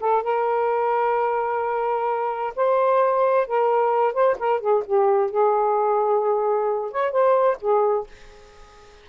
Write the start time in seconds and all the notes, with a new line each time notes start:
0.00 A4
0.23 A#4
2.56 C5
3.47 A#4
4.13 C5
4.39 A#4
4.60 G#4
4.86 G4
5.30 G#4
6.91 C#5
7.11 C5
7.61 G#4